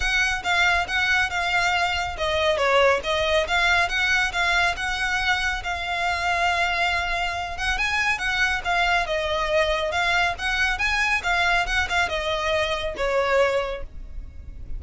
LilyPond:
\new Staff \with { instrumentName = "violin" } { \time 4/4 \tempo 4 = 139 fis''4 f''4 fis''4 f''4~ | f''4 dis''4 cis''4 dis''4 | f''4 fis''4 f''4 fis''4~ | fis''4 f''2.~ |
f''4. fis''8 gis''4 fis''4 | f''4 dis''2 f''4 | fis''4 gis''4 f''4 fis''8 f''8 | dis''2 cis''2 | }